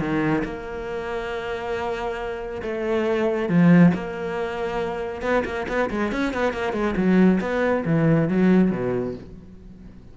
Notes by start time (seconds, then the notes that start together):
0.00 D#3
0.45 A#3
2.63 A3
3.50 F3
3.95 A#3
5.23 B3
5.46 A#3
5.69 B3
5.91 G#3
6.12 C#4
6.34 B3
6.53 A#3
6.74 G#3
6.97 F#3
7.41 B3
7.86 E3
8.29 F#3
8.72 B2